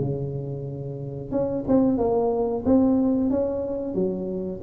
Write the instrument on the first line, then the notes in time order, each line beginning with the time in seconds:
tuba
0.00 C#3
1.32 C#4
1.68 C4
1.98 A#3
2.66 C4
3.30 C#4
3.95 F#3